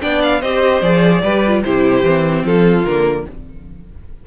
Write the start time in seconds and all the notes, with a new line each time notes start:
0.00 B3 D4 D5 G5
0.23 F5
0.41 C4 G4 C5 D#5
0.82 F3 G#4 D5
1.22 G3 G4 B4
1.47 F4
1.64 C3 E4 G4 C5
2.03 E3 C4
2.44 F3 F4 A4
2.85 D3 A#3 A#4